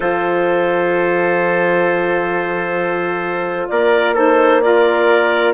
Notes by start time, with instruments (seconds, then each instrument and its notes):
0.00 bassoon F3, saxophone F4, trumpet A4, clarinet C5
3.68 bassoon A#3, trumpet A#4, clarinet D5
4.13 saxophone D#4, trumpet A4, clarinet C5
4.61 saxophone F4, trumpet A#4, clarinet D5